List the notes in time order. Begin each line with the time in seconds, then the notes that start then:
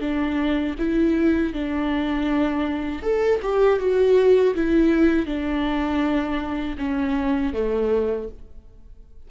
0.00 D4
0.78 E4
1.53 D4
3.02 A4
3.42 G4
3.79 F#4
4.55 E4
5.26 D4
6.78 C#4
7.53 A3